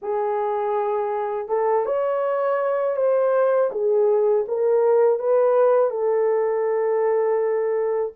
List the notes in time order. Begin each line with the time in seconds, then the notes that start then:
0.02 G#4
1.48 A4
1.85 C#5
2.96 C5
3.71 G#4
4.48 A#4
5.19 B4
5.90 A4